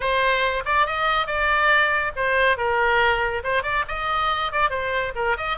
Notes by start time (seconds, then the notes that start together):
0.00 C5
0.65 D5
0.86 D#5
1.26 D5
2.15 C5
2.57 A#4
3.43 C5
3.62 D5
3.88 D#5
4.52 D5
4.70 C5
5.15 A#4
5.37 D#5